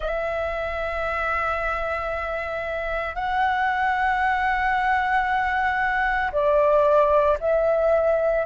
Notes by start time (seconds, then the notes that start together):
0.00 E5
3.15 F#5
6.32 D5
7.40 E5